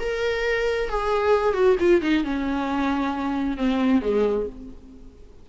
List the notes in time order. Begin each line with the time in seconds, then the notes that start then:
0.00 A#4
0.89 G#4
1.54 F#4
1.79 F4
2.02 D#4
2.24 C#4
3.57 C4
4.01 G#3